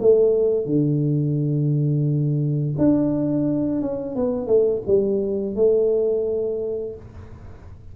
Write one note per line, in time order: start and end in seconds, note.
0.00 0.66 A3
0.66 2.75 D3
2.78 3.81 D4
3.81 4.15 C#4
4.15 4.47 B3
4.47 4.82 A3
4.86 5.56 G3
5.56 6.95 A3